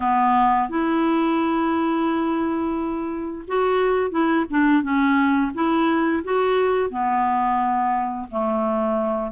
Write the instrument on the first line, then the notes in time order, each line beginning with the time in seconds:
clarinet
0.00 B3
0.69 E4
3.47 F#4
4.10 E4
4.50 D4
4.82 C#4
5.54 E4
6.24 F#4
6.90 B3
8.30 A3